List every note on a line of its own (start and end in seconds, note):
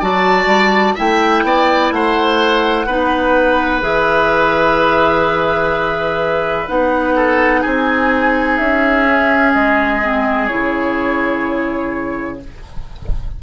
0.00 0.46 F#3
0.00 0.97 F#4
0.00 0.95 D5
0.00 0.97 A5
0.46 0.94 G3
0.95 1.43 A3
0.95 2.87 E4
0.95 1.43 E5
0.95 1.92 G5
1.43 1.91 B3
1.43 1.94 D5
1.91 2.87 A3
1.91 2.87 C5
1.91 3.83 F#5
2.87 3.82 B3
2.87 3.81 D#4
2.87 7.15 B4
3.81 6.68 E3
3.81 6.67 G#4
3.81 6.68 E5
6.68 7.64 B3
6.68 9.06 D#4
6.68 7.63 F#5
7.16 7.61 A4
7.61 8.60 C4
7.61 12.37 G#4
7.61 8.58 G#5
8.58 9.55 C#4
8.58 9.53 E5
9.08 10.02 C#4
9.53 10.50 G#3
9.53 10.47 D#5
10.02 10.49 C4
10.47 12.43 C#3
10.47 12.40 E4
10.47 12.38 C#5